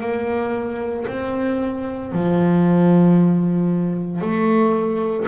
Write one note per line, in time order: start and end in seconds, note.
0.00 1.05 A#3
1.07 2.12 C4
2.12 4.21 F3
4.21 5.26 A3